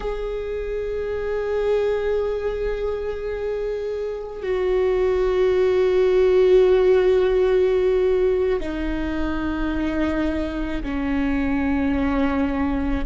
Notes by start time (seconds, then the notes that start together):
0.00 G#4
4.42 F#4
8.60 D#4
10.82 C#4